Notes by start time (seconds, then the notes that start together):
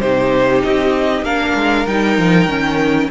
0.00 C3 D#4 G4 C5
0.64 C4 D#5
1.23 A#3 D4 A#4 F5
1.55 G#3
1.87 G3 D#4 G5
2.18 F3
2.47 D#3 C#4